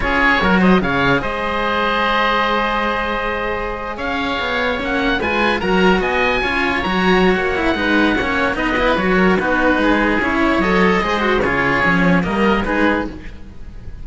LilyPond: <<
  \new Staff \with { instrumentName = "oboe" } { \time 4/4 \tempo 4 = 147 cis''4. dis''8 f''4 dis''4~ | dis''1~ | dis''4.~ dis''16 f''2 fis''16~ | fis''8. gis''4 ais''4 gis''4~ gis''16~ |
gis''8. ais''4~ ais''16 fis''2~ | fis''4 dis''4 cis''4 b'4~ | b'4 cis''4 dis''2 | cis''2 dis''4 b'4 | }
  \new Staff \with { instrumentName = "oboe" } { \time 4/4 gis'4 ais'8 c''8 cis''4 c''4~ | c''1~ | c''4.~ c''16 cis''2~ cis''16~ | cis''8. b'4 ais'4 dis''4 cis''16~ |
cis''2. b'4 | cis''4 b'4. ais'8 fis'4 | gis'4. cis''4. c''4 | gis'2 ais'4 gis'4 | }
  \new Staff \with { instrumentName = "cello" } { \time 4/4 f'4 fis'4 gis'2~ | gis'1~ | gis'2.~ gis'8. cis'16~ | cis'8. f'4 fis'2 f'16~ |
f'8. fis'4.~ fis'16 e'8 dis'4 | cis'4 dis'8 e'8 fis'4 dis'4~ | dis'4 e'4 a'4 gis'8 fis'8 | f'4 cis'4 ais4 dis'4 | }
  \new Staff \with { instrumentName = "cello" } { \time 4/4 cis'4 fis4 cis4 gis4~ | gis1~ | gis4.~ gis16 cis'4 b4 ais16~ | ais8. gis4 fis4 b4 cis'16~ |
cis'8. fis4~ fis16 ais4 gis4 | ais4 b4 fis4 b4 | gis4 cis'4 fis4 gis4 | cis4 f4 g4 gis4 | }
>>